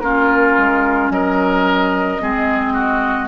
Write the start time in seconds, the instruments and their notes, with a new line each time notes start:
0.00 bassoon A#3, clarinet C#4, oboe F4, flute A#4
0.58 bassoon G#3
1.10 bassoon F#3, oboe A#4, flute D#5
2.19 bassoon G#3, clarinet C4, oboe G#4
2.74 oboe F#4